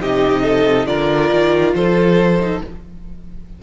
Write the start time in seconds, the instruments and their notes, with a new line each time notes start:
0.00 cello C3, viola D#4, violin G4 D#5
0.43 violin A4
0.86 cello D3, viola F4, violin A#4 D5
1.32 cello D#3
1.74 cello F3, violin A4 C5
2.39 viola D#4